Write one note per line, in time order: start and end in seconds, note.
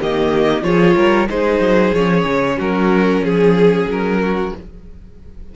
0.00 0.63 D#3
0.00 0.62 A#3
0.00 0.65 G4
0.00 0.63 D#5
0.62 0.95 F3
0.62 1.27 F4
0.62 0.97 G#4
0.62 1.28 C#5
0.96 1.29 G3
0.96 1.29 A#4
1.29 1.60 G#3
1.29 1.94 D#4
1.29 2.57 G#4
1.29 1.94 C5
1.60 1.92 F#3
1.93 2.25 F3
1.93 4.55 C#4
1.93 2.59 C#5
2.25 2.57 C#3
2.57 3.21 F#3
2.57 3.22 F#4
2.57 3.25 A#4
3.21 3.85 F3
3.21 4.19 G#4
3.21 3.90 G#4
3.87 4.52 F#3
3.87 4.56 A#4
4.22 4.54 F#4